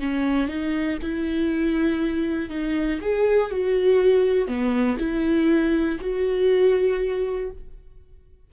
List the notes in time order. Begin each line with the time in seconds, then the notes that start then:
0.00 C#4
0.48 D#4
1.02 E4
2.50 D#4
3.01 G#4
3.51 F#4
4.48 B3
4.99 E4
6.01 F#4